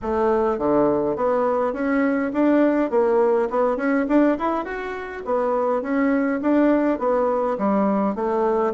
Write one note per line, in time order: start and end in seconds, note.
0.02 0.58 A3
0.58 1.16 D3
1.16 1.73 B3
1.73 2.31 C#4
2.33 2.90 D4
2.90 3.48 A#3
3.50 3.76 B3
3.76 4.05 C#4
4.08 4.37 D4
4.38 4.64 E4
4.64 5.23 F#4
5.25 5.81 B3
5.81 6.40 C#4
6.41 6.98 D4
6.98 7.57 B3
7.58 8.15 G3
8.15 8.73 A3